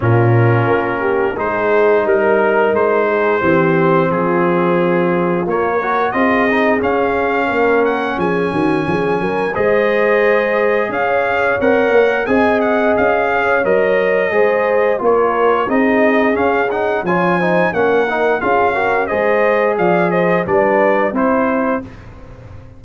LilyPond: <<
  \new Staff \with { instrumentName = "trumpet" } { \time 4/4 \tempo 4 = 88 ais'2 c''4 ais'4 | c''2 gis'2 | cis''4 dis''4 f''4. fis''8 | gis''2 dis''2 |
f''4 fis''4 gis''8 fis''8 f''4 | dis''2 cis''4 dis''4 | f''8 fis''8 gis''4 fis''4 f''4 | dis''4 f''8 dis''8 d''4 c''4 | }
  \new Staff \with { instrumentName = "horn" } { \time 4/4 f'4. g'8 gis'4 ais'4~ | ais'8 gis'8 g'4 f'2~ | f'8 ais'8 gis'2 ais'4 | gis'8 fis'8 gis'8 ais'8 c''2 |
cis''2 dis''4. cis''8~ | cis''4 c''4 ais'4 gis'4~ | gis'4 cis''8 c''8 ais'4 gis'8 ais'8 | c''4 d''8 c''8 b'4 c''4 | }
  \new Staff \with { instrumentName = "trombone" } { \time 4/4 cis'2 dis'2~ | dis'4 c'2. | ais8 fis'8 f'8 dis'8 cis'2~ | cis'2 gis'2~ |
gis'4 ais'4 gis'2 | ais'4 gis'4 f'4 dis'4 | cis'8 dis'8 f'8 dis'8 cis'8 dis'8 f'8 fis'8 | gis'2 d'4 e'4 | }
  \new Staff \with { instrumentName = "tuba" } { \time 4/4 ais,4 ais4 gis4 g4 | gis4 e4 f2 | ais4 c'4 cis'4 ais4 | f8 dis8 f8 fis8 gis2 |
cis'4 c'8 ais8 c'4 cis'4 | fis4 gis4 ais4 c'4 | cis'4 f4 ais4 cis'4 | gis4 f4 g4 c'4 | }
>>